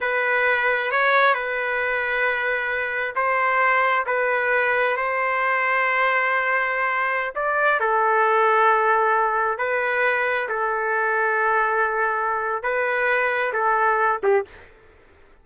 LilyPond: \new Staff \with { instrumentName = "trumpet" } { \time 4/4 \tempo 4 = 133 b'2 cis''4 b'4~ | b'2. c''4~ | c''4 b'2 c''4~ | c''1~ |
c''16 d''4 a'2~ a'8.~ | a'4~ a'16 b'2 a'8.~ | a'1 | b'2 a'4. g'8 | }